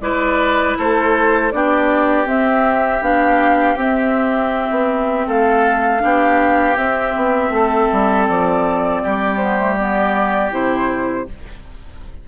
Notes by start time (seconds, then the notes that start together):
0.00 G#3 E4 B4 D5
0.78 A3 A4 C5
1.51 B3 D4 G4 D5
2.25 C4 E5
3.01 B3 D4 F5
3.75 C4 E5
4.70 B3
5.26 A3 A4 F5
6.00 B3 D4 G4
6.76 C4 E5
7.16 B3
7.50 A3 A4
7.92 G3
8.28 F3 D5
9.03 G3 G4
9.37 B3 C5
9.59 A3
9.77 B3 D5
10.51 C3 E4 C5